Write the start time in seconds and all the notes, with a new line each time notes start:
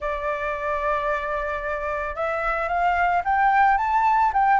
0.00 D5
2.15 E5
2.68 F5
3.24 G5
3.77 A5
4.33 G5